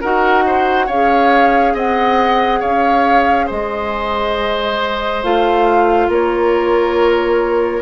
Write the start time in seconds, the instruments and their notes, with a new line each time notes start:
0.00 bassoon D#4, clarinet F#4, oboe A#4, flute F#5
0.46 oboe C5
0.86 bassoon C#4, clarinet G#4, oboe C#5, flute F5
1.73 bassoon C4, oboe D#5, flute F#5
2.59 bassoon C#4, oboe C#5, flute F5
3.46 bassoon G#3, oboe C5, flute D#5
5.23 bassoon A3, clarinet F4, flute F5
6.08 bassoon A#3, oboe A#4, flute C#5